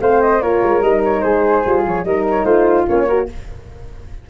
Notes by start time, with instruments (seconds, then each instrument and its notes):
0.00 tuba A3, horn C4, flute C5 F5
0.21 flute D#5
0.41 tuba A#3, horn F4, flute A#4 C#5
0.63 tuba G#3
0.81 tuba G3, horn D#4, flute D#5
1.04 flute C#5
1.21 tuba G#3, flute G#4 C5
1.65 tuba G3, horn F4
1.85 tuba F3, flute C#5
2.04 tuba G3, horn D#4, flute A#4 D#5
2.30 flute C#5
2.44 tuba A3, flute F4 C5
2.87 tuba A#3, horn C#4, flute C#5
3.08 horn F#4, flute A#4